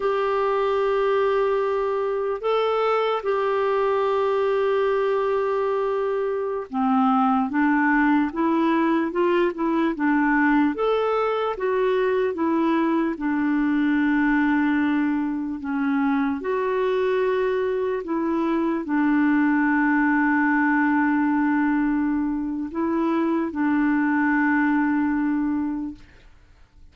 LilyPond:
\new Staff \with { instrumentName = "clarinet" } { \time 4/4 \tempo 4 = 74 g'2. a'4 | g'1~ | g'16 c'4 d'4 e'4 f'8 e'16~ | e'16 d'4 a'4 fis'4 e'8.~ |
e'16 d'2. cis'8.~ | cis'16 fis'2 e'4 d'8.~ | d'1 | e'4 d'2. | }